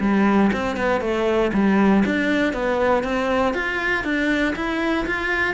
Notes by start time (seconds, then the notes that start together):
0.00 G3
0.53 C4
0.76 B3
1.01 A3
1.53 G3
2.06 D4
2.53 B3
3.03 C4
3.54 F4
4.04 D4
4.55 E4
5.06 F4